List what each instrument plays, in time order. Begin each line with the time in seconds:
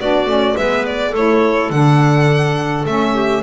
0.00 double bass B3, saxophone D4, clarinet F#4, violin D5
0.26 double bass A3, saxophone C#4
0.57 double bass G#3, saxophone B3, clarinet B4, violin E5
0.86 violin D5
1.11 double bass A3, saxophone E4, clarinet A4, violin C#5
1.71 double bass D3, saxophone D4, violin F#5
2.86 double bass A3, saxophone C#4, violin E5
3.14 clarinet G4